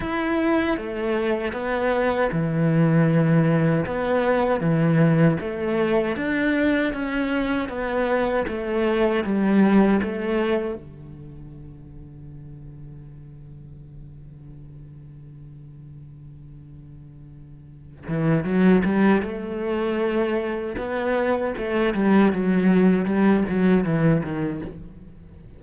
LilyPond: \new Staff \with { instrumentName = "cello" } { \time 4/4 \tempo 4 = 78 e'4 a4 b4 e4~ | e4 b4 e4 a4 | d'4 cis'4 b4 a4 | g4 a4 d2~ |
d1~ | d2.~ d8 e8 | fis8 g8 a2 b4 | a8 g8 fis4 g8 fis8 e8 dis8 | }